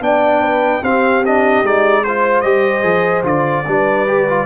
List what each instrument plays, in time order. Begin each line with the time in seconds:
0.00 tuba B3, trombone D4, horn D5, trumpet G5
0.42 horn B4
0.83 tuba C4, trombone C4, horn G4, trumpet F5
1.25 trombone D4, trumpet D#5
1.62 tuba G#3, trombone D#4, trumpet D5
2.03 trombone F4, horn C5, trumpet C5
2.41 tuba G3, trombone G4, trumpet D#5
2.83 tuba F3, trombone G#4
3.23 tuba D3, trombone F4, trumpet D5
3.67 tuba G3, trombone D4, horn B4
4.07 trombone G4
4.29 trombone F4